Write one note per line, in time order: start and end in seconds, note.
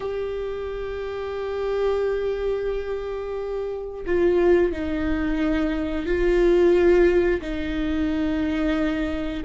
0.00 4.04 G4
4.05 4.72 F4
4.72 6.06 D#4
6.06 7.40 F4
7.41 9.43 D#4